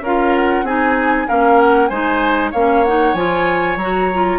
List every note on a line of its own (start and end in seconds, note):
0.00 0.62 C#4
0.00 0.65 F4
0.00 0.64 A#4
0.00 0.35 F5
0.35 0.66 F#5
0.62 1.25 C4
0.62 1.27 D#4
0.62 1.27 G#4
0.62 1.28 G#5
1.27 1.90 A#3
1.27 1.89 C#4
1.27 1.89 A#4
1.27 1.59 F5
1.59 1.87 F#5
1.87 2.52 G#3
1.87 2.54 D#4
1.87 2.51 C5
1.87 2.49 G#5
2.51 3.13 A#3
2.51 2.86 C#4
2.51 4.38 C#5
2.51 2.84 F5
2.84 3.15 D#4
2.84 3.14 F#5
3.13 3.75 F3
3.13 3.78 F4
3.13 3.77 G#5
3.75 4.38 F#3
3.75 4.12 F#4
3.75 4.39 A#5
4.13 4.39 F4